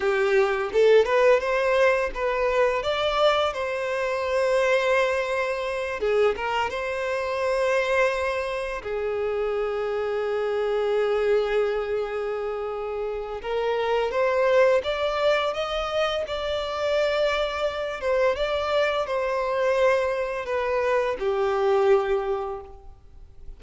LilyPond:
\new Staff \with { instrumentName = "violin" } { \time 4/4 \tempo 4 = 85 g'4 a'8 b'8 c''4 b'4 | d''4 c''2.~ | c''8 gis'8 ais'8 c''2~ c''8~ | c''8 gis'2.~ gis'8~ |
gis'2. ais'4 | c''4 d''4 dis''4 d''4~ | d''4. c''8 d''4 c''4~ | c''4 b'4 g'2 | }